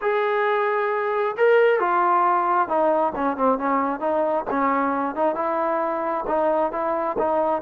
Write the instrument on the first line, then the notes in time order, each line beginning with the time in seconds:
trombone
0.01 G#4
1.37 A#4
1.79 F4
2.68 D#4
3.15 C#4
3.36 C4
3.58 C#4
4.00 D#4
4.50 C#4
5.15 D#4
5.35 E4
6.27 D#4
6.72 E4
7.18 D#4